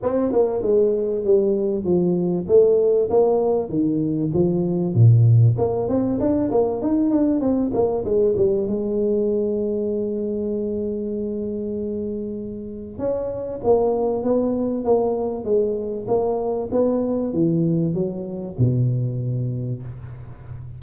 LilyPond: \new Staff \with { instrumentName = "tuba" } { \time 4/4 \tempo 4 = 97 c'8 ais8 gis4 g4 f4 | a4 ais4 dis4 f4 | ais,4 ais8 c'8 d'8 ais8 dis'8 d'8 | c'8 ais8 gis8 g8 gis2~ |
gis1~ | gis4 cis'4 ais4 b4 | ais4 gis4 ais4 b4 | e4 fis4 b,2 | }